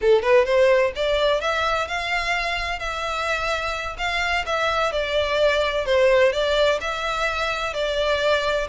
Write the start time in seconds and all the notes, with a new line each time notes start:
0.01 A4
0.22 B4
0.45 C5
0.95 D5
1.40 E5
1.87 F5
2.79 E5
3.98 F5
4.46 E5
4.92 D5
5.85 C5
6.32 D5
6.81 E5
7.73 D5